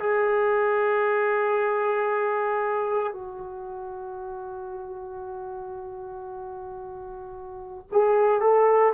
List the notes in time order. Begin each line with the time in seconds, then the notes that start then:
0.00 G#4
3.13 F#4
7.92 G#4
8.41 A4